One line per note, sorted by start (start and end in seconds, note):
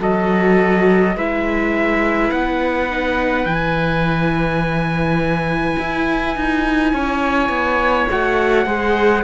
0.00 1.15 F#3
0.00 1.15 F#4
0.00 1.16 A4
0.00 1.17 D#5
1.16 2.31 G#3
1.16 2.90 E4
1.16 6.93 B4
1.16 2.31 E5
2.31 3.45 B3
2.31 3.46 F#5
2.90 3.47 D#4
3.45 5.76 E3
3.45 8.08 E4
3.45 8.08 G#5
5.79 6.36 E4
6.36 6.94 D#4
6.93 7.49 C#4
6.93 8.66 C#5
7.49 8.07 B3
8.08 8.66 A3
8.08 8.66 F#4
8.08 9.24 F#5
8.66 9.24 G#3
8.66 9.24 G#4
8.66 9.24 C5